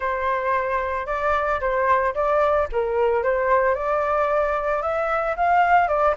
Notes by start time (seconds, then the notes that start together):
0.00 C5
1.06 D5
1.60 C5
2.14 D5
2.72 A#4
3.23 C5
3.74 D5
4.82 E5
5.36 F5
5.88 D5